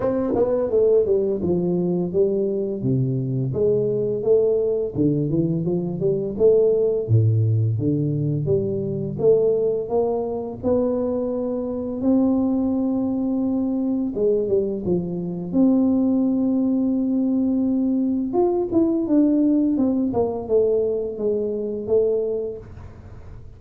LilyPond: \new Staff \with { instrumentName = "tuba" } { \time 4/4 \tempo 4 = 85 c'8 b8 a8 g8 f4 g4 | c4 gis4 a4 d8 e8 | f8 g8 a4 a,4 d4 | g4 a4 ais4 b4~ |
b4 c'2. | gis8 g8 f4 c'2~ | c'2 f'8 e'8 d'4 | c'8 ais8 a4 gis4 a4 | }